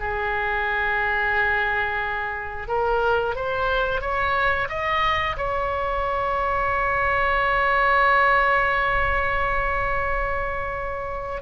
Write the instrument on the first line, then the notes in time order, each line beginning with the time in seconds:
oboe
0.00 G#4
2.68 A#4
3.36 C5
4.01 C#5
4.69 D#5
5.37 C#5